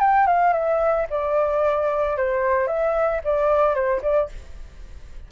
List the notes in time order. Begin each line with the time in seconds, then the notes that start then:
0.00 G5
0.27 F5
0.53 E5
1.10 D5
2.17 C5
2.67 E5
3.24 D5
3.75 C5
4.02 D5